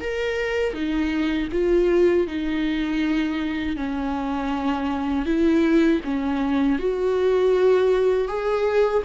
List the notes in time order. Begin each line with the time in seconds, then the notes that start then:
0.00 A#4
0.73 D#4
1.52 F4
2.27 D#4
3.76 C#4
5.25 E4
6.04 C#4
6.78 F#4
8.27 G#4